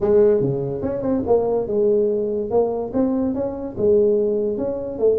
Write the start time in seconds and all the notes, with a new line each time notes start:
0.00 G#3
0.40 C#3
0.82 C#4
1.02 C4
1.26 A#3
1.67 G#3
2.50 A#3
2.93 C4
3.34 C#4
3.77 G#3
4.57 C#4
4.98 A3